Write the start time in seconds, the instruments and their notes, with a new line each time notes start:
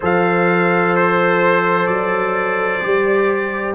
0.00 tuba F3, trombone A4, horn C5, trumpet F5
0.96 trumpet C5
1.87 tuba F#3, trumpet D5
2.80 tuba G3, trombone G4